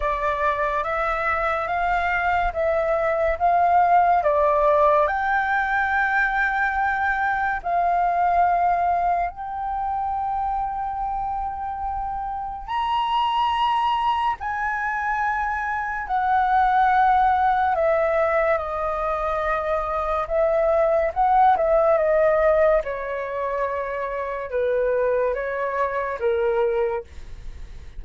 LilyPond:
\new Staff \with { instrumentName = "flute" } { \time 4/4 \tempo 4 = 71 d''4 e''4 f''4 e''4 | f''4 d''4 g''2~ | g''4 f''2 g''4~ | g''2. ais''4~ |
ais''4 gis''2 fis''4~ | fis''4 e''4 dis''2 | e''4 fis''8 e''8 dis''4 cis''4~ | cis''4 b'4 cis''4 ais'4 | }